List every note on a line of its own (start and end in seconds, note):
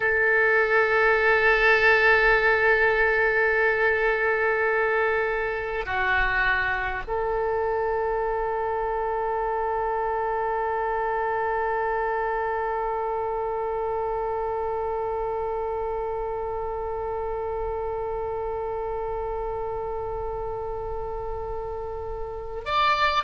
0.00 5.85 A4
5.85 7.03 F#4
7.07 22.65 A4
22.65 23.23 D5